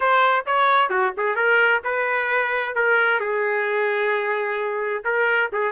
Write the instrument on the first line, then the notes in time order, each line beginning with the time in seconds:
trumpet
0.00 C5
0.45 C#5
0.89 F#4
1.17 G#4
1.35 A#4
1.84 B4
2.75 A#4
3.19 G#4
5.04 A#4
5.52 G#4